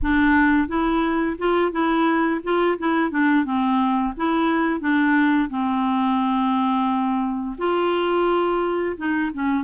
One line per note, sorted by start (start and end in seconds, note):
0.02 0.67 D4
0.67 1.36 E4
1.38 1.71 F4
1.71 2.40 E4
2.43 2.77 F4
2.78 3.10 E4
3.10 3.44 D4
3.44 4.13 C4
4.17 4.80 E4
4.80 5.49 D4
5.49 7.56 C4
7.58 8.96 F4
8.96 9.31 D#4
9.33 9.64 C#4